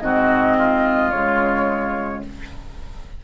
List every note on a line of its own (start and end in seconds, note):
0.00 1.12 G#2
0.00 1.12 C4
0.00 0.57 F#4
0.00 1.11 D#5
0.57 2.24 F4
1.11 2.24 C#3
1.11 2.23 G#3
1.11 2.22 C#5